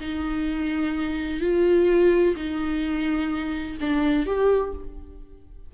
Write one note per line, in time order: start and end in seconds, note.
0.00 1.40 D#4
1.40 2.35 F4
2.35 3.77 D#4
3.80 4.26 D4
4.26 4.73 G4